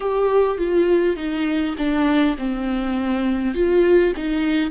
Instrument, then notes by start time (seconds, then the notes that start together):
viola
0.00 G4
0.57 F4
1.16 D#4
1.77 D4
2.37 C4
3.54 F4
4.16 D#4